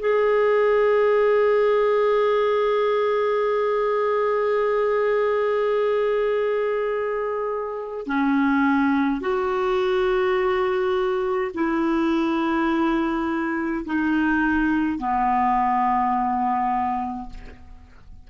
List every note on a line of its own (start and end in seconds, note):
0.00 8.07 G#4
8.07 9.21 C#4
9.21 11.52 F#4
11.55 13.86 E4
13.86 14.99 D#4
14.99 17.30 B3